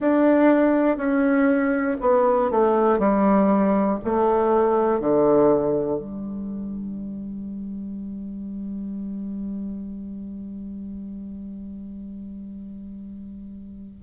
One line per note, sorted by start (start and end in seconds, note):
0.00 0.97 D4
0.97 1.97 C#4
2.00 2.50 B3
2.50 2.98 A3
2.98 3.98 G3
4.04 5.00 A3
5.00 5.99 D3
5.99 13.99 G3